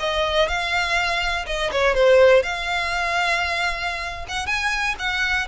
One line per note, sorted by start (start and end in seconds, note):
0.00 0.48 D#5
0.48 1.46 F5
1.47 1.71 D#5
1.72 1.94 C#5
1.94 2.43 C5
2.43 4.26 F5
4.29 4.47 F#5
4.47 4.95 G#5
4.99 5.48 F#5